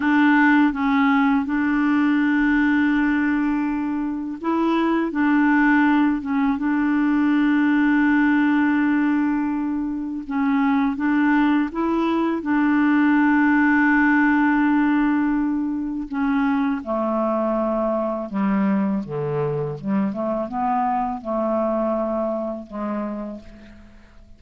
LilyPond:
\new Staff \with { instrumentName = "clarinet" } { \time 4/4 \tempo 4 = 82 d'4 cis'4 d'2~ | d'2 e'4 d'4~ | d'8 cis'8 d'2.~ | d'2 cis'4 d'4 |
e'4 d'2.~ | d'2 cis'4 a4~ | a4 g4 d4 g8 a8 | b4 a2 gis4 | }